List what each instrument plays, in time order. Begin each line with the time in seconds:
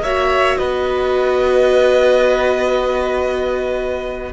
0.00 cello A#3, viola F#4, violin C#5 E5
0.57 cello B3, violin B4 D#5